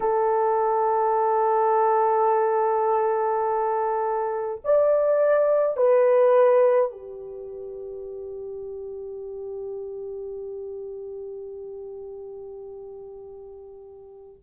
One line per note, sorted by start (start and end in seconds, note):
0.00 4.60 A4
4.64 5.76 D5
5.76 6.91 B4
6.91 14.41 G4